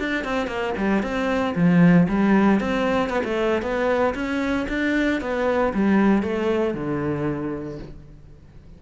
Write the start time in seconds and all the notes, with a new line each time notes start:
0.00 D4
0.24 C4
0.48 A#3
0.78 G3
1.03 C4
1.56 F3
2.09 G3
2.61 C4
3.10 B3
3.24 A3
3.63 B3
4.15 C#4
4.69 D4
5.22 B3
5.74 G3
6.23 A3
6.74 D3